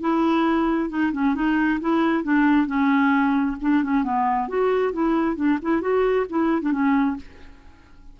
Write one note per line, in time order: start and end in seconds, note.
0.00 0.89 E4
0.89 1.11 D#4
1.12 1.35 C#4
1.35 1.79 D#4
1.80 2.23 E4
2.23 2.66 D4
2.66 3.56 C#4
3.61 3.83 D4
3.83 4.03 C#4
4.03 4.48 B3
4.48 4.92 F#4
4.92 5.36 E4
5.36 5.58 D4
5.62 5.81 E4
5.81 6.26 F#4
6.29 6.61 E4
6.61 6.71 D4
6.71 7.16 C#4